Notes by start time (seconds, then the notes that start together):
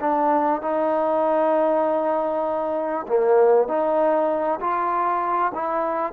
0.00 D4
0.61 D#4
3.07 A#3
3.68 D#4
4.60 F4
5.54 E4